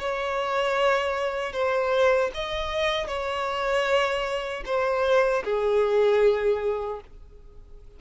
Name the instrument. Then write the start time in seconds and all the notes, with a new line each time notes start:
violin
0.00 C#5
1.53 C5
2.34 D#5
3.08 C#5
4.66 C5
5.44 G#4